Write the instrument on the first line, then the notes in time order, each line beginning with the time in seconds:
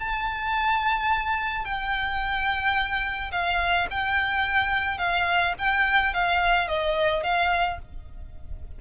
violin
0.00 A5
1.65 G5
3.32 F5
3.91 G5
4.98 F5
5.59 G5
6.14 F5
6.68 D#5
7.23 F5